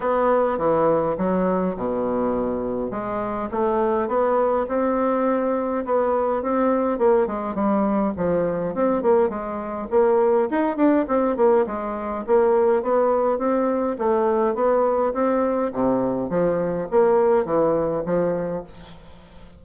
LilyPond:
\new Staff \with { instrumentName = "bassoon" } { \time 4/4 \tempo 4 = 103 b4 e4 fis4 b,4~ | b,4 gis4 a4 b4 | c'2 b4 c'4 | ais8 gis8 g4 f4 c'8 ais8 |
gis4 ais4 dis'8 d'8 c'8 ais8 | gis4 ais4 b4 c'4 | a4 b4 c'4 c4 | f4 ais4 e4 f4 | }